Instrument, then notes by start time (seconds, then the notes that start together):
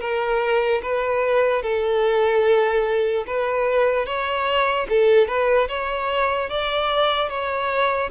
violin
0.00 A#4
0.82 B4
1.62 A4
3.27 B4
4.06 C#5
4.89 A4
5.27 B4
5.68 C#5
6.49 D5
7.29 C#5